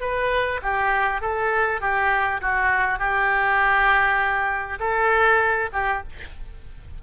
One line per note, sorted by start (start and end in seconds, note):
0.00 0.60 B4
0.62 1.21 G4
1.21 1.81 A4
1.81 2.41 G4
2.41 2.98 F#4
2.98 4.78 G4
4.79 5.69 A4
5.72 6.02 G4